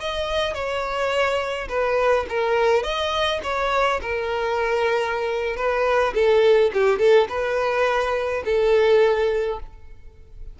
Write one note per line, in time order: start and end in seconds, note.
0.00 0.54 D#5
0.54 1.68 C#5
1.69 2.26 B4
2.30 2.83 A#4
2.83 3.41 D#5
3.43 4.01 C#5
4.02 5.57 A#4
5.57 6.14 B4
6.14 6.71 A4
6.74 6.99 G4
6.99 7.28 A4
7.29 8.43 B4
8.45 9.60 A4